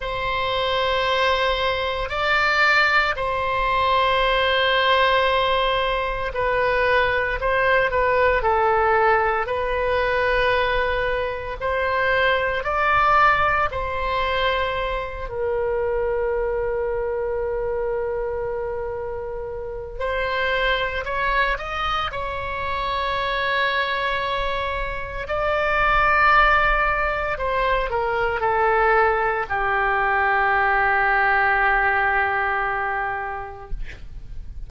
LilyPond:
\new Staff \with { instrumentName = "oboe" } { \time 4/4 \tempo 4 = 57 c''2 d''4 c''4~ | c''2 b'4 c''8 b'8 | a'4 b'2 c''4 | d''4 c''4. ais'4.~ |
ais'2. c''4 | cis''8 dis''8 cis''2. | d''2 c''8 ais'8 a'4 | g'1 | }